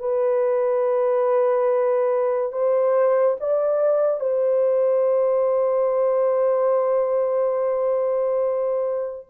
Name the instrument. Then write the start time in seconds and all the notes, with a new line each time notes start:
horn
0.00 B4
2.53 C5
3.41 D5
4.21 C5